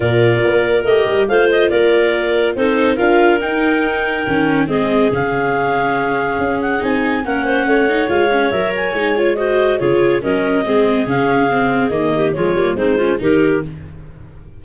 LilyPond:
<<
  \new Staff \with { instrumentName = "clarinet" } { \time 4/4 \tempo 4 = 141 d''2 dis''4 f''8 dis''8 | d''2 c''4 f''4 | g''2. dis''4 | f''2.~ f''8 fis''8 |
gis''4 fis''2 f''4 | e''8 gis''4 cis''8 dis''4 cis''4 | dis''2 f''2 | dis''4 cis''4 c''4 ais'4 | }
  \new Staff \with { instrumentName = "clarinet" } { \time 4/4 ais'2. c''4 | ais'2 a'4 ais'4~ | ais'2. gis'4~ | gis'1~ |
gis'4 ais'8 c''8 cis''2~ | cis''2 c''4 gis'4 | ais'4 gis'2.~ | gis'8 g'8 f'4 dis'8 f'8 g'4 | }
  \new Staff \with { instrumentName = "viola" } { \time 4/4 f'2 g'4 f'4~ | f'2 dis'4 f'4 | dis'2 cis'4 c'4 | cis'1 |
dis'4 cis'4. dis'8 f'8 cis'8 | ais'4 dis'8 f'8 fis'4 f'4 | cis'4 c'4 cis'4 c'4 | ais4 gis8 ais8 c'8 cis'8 dis'4 | }
  \new Staff \with { instrumentName = "tuba" } { \time 4/4 ais,4 ais4 a8 g8 a4 | ais2 c'4 d'4 | dis'2 dis4 gis4 | cis2. cis'4 |
c'4 ais4 a4 gis4 | fis4 gis2 cis4 | fis4 gis4 cis2 | dis4 f8 g8 gis4 dis4 | }
>>